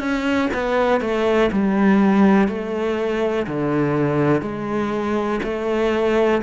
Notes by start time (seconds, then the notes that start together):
0.00 C#4
0.54 B3
1.01 A3
1.52 G3
2.49 A3
3.47 D3
4.42 G#3
5.44 A3